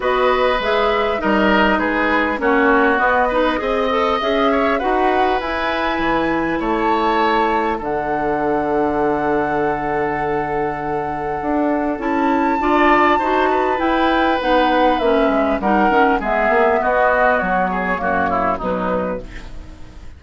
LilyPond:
<<
  \new Staff \with { instrumentName = "flute" } { \time 4/4 \tempo 4 = 100 dis''4 e''4 dis''4 b'4 | cis''4 dis''2 e''4 | fis''4 gis''2 a''4~ | a''4 fis''2.~ |
fis''1 | a''2. g''4 | fis''4 e''4 fis''4 e''4 | dis''4 cis''2 b'4 | }
  \new Staff \with { instrumentName = "oboe" } { \time 4/4 b'2 ais'4 gis'4 | fis'4. b'8 dis''4. cis''8 | b'2. cis''4~ | cis''4 a'2.~ |
a'1~ | a'4 d''4 c''8 b'4.~ | b'2 ais'4 gis'4 | fis'4. gis'8 fis'8 e'8 dis'4 | }
  \new Staff \with { instrumentName = "clarinet" } { \time 4/4 fis'4 gis'4 dis'2 | cis'4 b8 dis'8 gis'8 a'8 gis'4 | fis'4 e'2.~ | e'4 d'2.~ |
d'1 | e'4 f'4 fis'4 e'4 | dis'4 cis'4 dis'8 cis'8 b4~ | b2 ais4 fis4 | }
  \new Staff \with { instrumentName = "bassoon" } { \time 4/4 b4 gis4 g4 gis4 | ais4 b4 c'4 cis'4 | dis'4 e'4 e4 a4~ | a4 d2.~ |
d2. d'4 | cis'4 d'4 dis'4 e'4 | b4 ais8 gis8 g8 dis8 gis8 ais8 | b4 fis4 fis,4 b,4 | }
>>